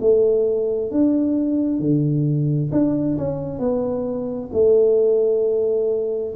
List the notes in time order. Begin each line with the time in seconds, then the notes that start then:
0.00 A3
0.91 D4
1.79 D3
2.71 D4
3.17 C#4
3.59 B3
4.52 A3